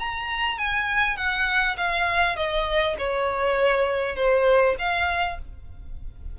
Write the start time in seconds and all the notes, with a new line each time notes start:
0.00 A#5
0.59 G#5
1.17 F#5
1.78 F5
2.37 D#5
2.98 C#5
4.16 C5
4.79 F5